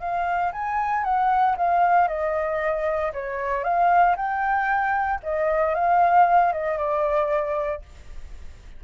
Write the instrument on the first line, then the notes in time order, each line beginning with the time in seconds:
flute
0.00 F5
0.52 G#5
1.04 F#5
1.57 F5
2.08 D#5
3.13 C#5
3.64 F5
4.16 G5
5.23 D#5
5.75 F5
6.53 D#5
6.78 D5